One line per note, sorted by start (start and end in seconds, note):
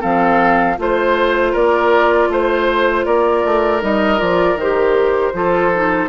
0.00 0.78 F3
0.00 0.76 C4
0.00 0.76 A4
0.00 0.78 F5
0.78 1.54 A3
0.78 3.81 F4
0.78 1.56 C5
0.78 1.52 C5
1.52 2.29 A#3
1.52 2.28 A#4
1.52 2.31 D5
2.29 3.05 A3
2.29 3.05 C5
3.05 3.44 A#3
3.05 5.33 A#4
3.05 3.81 D5
3.45 3.82 A3
3.81 4.20 G3
3.81 4.17 D#4
3.81 4.20 D#5
4.17 4.55 F3
4.17 4.55 F4
4.17 4.58 D5
4.55 5.31 D#3
4.55 6.08 C5
4.62 5.34 G4
5.34 6.08 F3
5.34 5.72 F4
5.34 6.08 A4
5.74 6.08 D#4